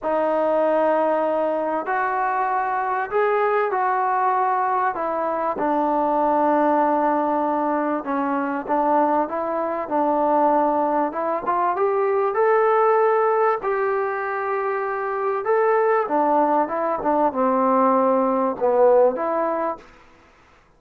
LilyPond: \new Staff \with { instrumentName = "trombone" } { \time 4/4 \tempo 4 = 97 dis'2. fis'4~ | fis'4 gis'4 fis'2 | e'4 d'2.~ | d'4 cis'4 d'4 e'4 |
d'2 e'8 f'8 g'4 | a'2 g'2~ | g'4 a'4 d'4 e'8 d'8 | c'2 b4 e'4 | }